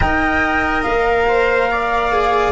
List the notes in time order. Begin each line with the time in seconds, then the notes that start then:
0.00 D#4 A#4 D#5 G5
0.83 A#3 F5
1.27 C5
1.71 D5
2.12 G#4